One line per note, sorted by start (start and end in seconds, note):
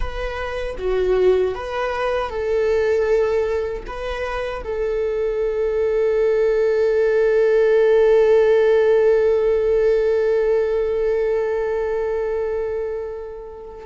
0.00 0.76 B4
0.78 1.55 F#4
1.55 2.29 B4
2.29 3.83 A4
3.86 4.63 B4
4.64 13.85 A4